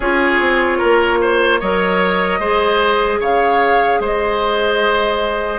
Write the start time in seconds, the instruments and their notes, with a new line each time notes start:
0.00 bassoon C#4, clarinet F4, oboe G#4, flute C#5
0.39 bassoon C4
0.78 bassoon A#3, oboe A#4
1.21 oboe C5
1.60 bassoon F#3, clarinet A#4, oboe C#5, flute D#5
2.39 bassoon G#3, clarinet G#4, oboe C5
3.20 bassoon C#3, oboe C#5, flute F5
3.99 bassoon G#3, oboe C5, flute D#5